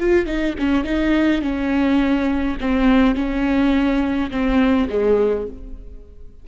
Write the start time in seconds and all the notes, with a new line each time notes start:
0.00 F4
0.26 D#4
0.59 C#4
0.84 D#4
1.42 C#4
2.61 C4
3.15 C#4
4.31 C4
4.90 G#3